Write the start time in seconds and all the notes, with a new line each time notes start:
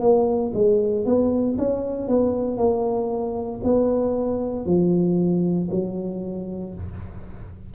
0.00 A#3
0.54 G#3
1.05 B3
1.58 C#4
2.08 B3
2.57 A#3
3.64 B3
4.66 F3
5.71 F#3